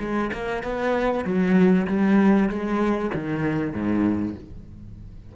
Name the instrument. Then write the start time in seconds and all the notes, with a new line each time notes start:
cello
0.00 G#3
0.33 A#3
0.63 B3
1.25 F#3
1.88 G3
2.49 G#3
3.14 D#3
3.74 G#2